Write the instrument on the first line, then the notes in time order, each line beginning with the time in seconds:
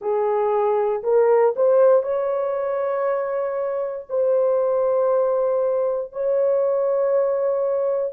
horn
0.00 G#4
1.03 A#4
1.55 C5
2.02 C#5
4.09 C5
6.12 C#5